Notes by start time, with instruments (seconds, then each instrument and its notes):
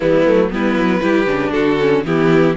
0.00 cello E3, viola G3, violin B3 E4
0.26 cello F#3, viola A3
0.50 cello G3, viola B3, violin E4 B4
0.75 cello F#3
1.01 cello G3, viola E4, violin G4
1.26 cello C#3, viola D4
1.51 cello D3, violin F#4 A4
1.79 viola C#4
2.04 cello E3, viola B3, violin E4 G4